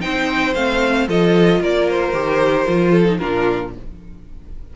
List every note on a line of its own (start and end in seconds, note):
0.00 0.55 C4
0.00 0.53 D#4
0.00 1.07 C5
0.00 0.54 G5
0.54 1.08 A3
0.54 1.07 C4
0.54 1.07 F5
1.07 1.60 F3
1.07 2.13 F4
1.07 1.61 A4
1.07 1.62 D#5
1.60 2.12 A#3
1.60 2.91 A#4
1.60 1.89 D5
1.89 3.17 C5
2.12 2.65 D#3
2.12 2.66 G4
2.66 3.20 F3
2.66 3.05 F4
2.91 3.17 A4
3.05 3.18 D#4
3.17 3.76 A#2
3.17 3.72 D4
3.17 3.73 F4
3.17 3.70 A#4